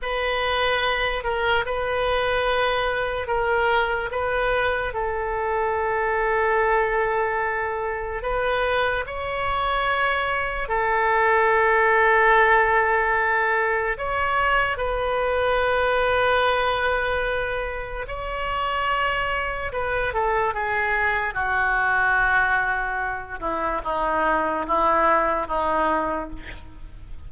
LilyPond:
\new Staff \with { instrumentName = "oboe" } { \time 4/4 \tempo 4 = 73 b'4. ais'8 b'2 | ais'4 b'4 a'2~ | a'2 b'4 cis''4~ | cis''4 a'2.~ |
a'4 cis''4 b'2~ | b'2 cis''2 | b'8 a'8 gis'4 fis'2~ | fis'8 e'8 dis'4 e'4 dis'4 | }